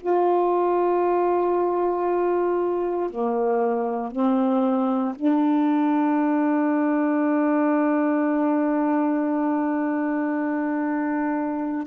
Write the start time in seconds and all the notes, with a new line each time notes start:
0.00 F4
3.10 A#3
4.11 C4
5.15 D4